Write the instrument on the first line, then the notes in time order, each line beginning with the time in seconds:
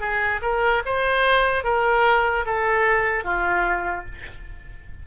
oboe
0.00 G#4
0.42 A#4
0.86 C5
1.64 A#4
2.45 A4
3.24 F4